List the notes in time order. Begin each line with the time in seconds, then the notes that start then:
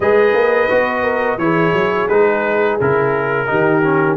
0.00 G#3 G#4 B4 D#5
0.33 A#3
0.69 B3 F#4
1.02 A#4
1.37 E3 E4 G#4 C#5
1.73 F#3
2.08 G#3 D#4 B4
2.80 C#3 E4 A#4
3.46 D#3 D#4 G4
3.83 C#4